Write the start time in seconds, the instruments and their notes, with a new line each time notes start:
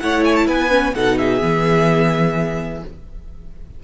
0.00 cello A3, viola E4, violin C#5 F#5
0.25 violin G#5
0.36 violin A5
0.47 cello B3, violin B4 G#5
0.70 viola C#4
0.95 cello B2, viola D#4, violin A4 F#5
1.18 violin G#4 E5
1.41 cello E3, viola B3